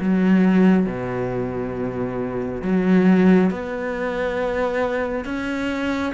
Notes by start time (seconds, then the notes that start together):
0.00 F#3
0.86 B2
2.62 F#3
3.51 B3
5.25 C#4